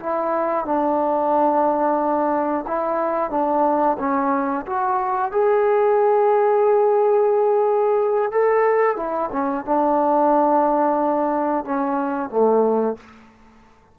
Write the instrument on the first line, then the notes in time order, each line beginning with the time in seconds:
trombone
0.00 E4
0.65 D4
2.68 E4
3.31 D4
3.99 C#4
4.67 F#4
5.32 G#4
8.32 A4
8.97 E4
9.33 C#4
9.66 D4
11.65 C#4
12.30 A3